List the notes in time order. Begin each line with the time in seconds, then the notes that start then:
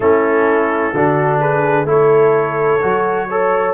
0.00 A3 C#4 E4 A4
0.93 D3 D4 F#4
1.39 G#4 B4
1.84 A3 E4 C#5
1.91 A4
2.81 F#3 F#4
3.29 A4 C#5